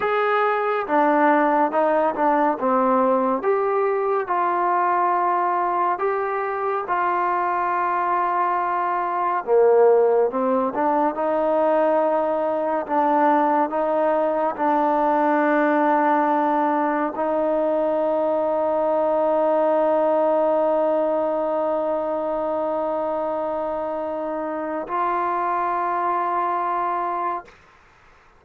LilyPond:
\new Staff \with { instrumentName = "trombone" } { \time 4/4 \tempo 4 = 70 gis'4 d'4 dis'8 d'8 c'4 | g'4 f'2 g'4 | f'2. ais4 | c'8 d'8 dis'2 d'4 |
dis'4 d'2. | dis'1~ | dis'1~ | dis'4 f'2. | }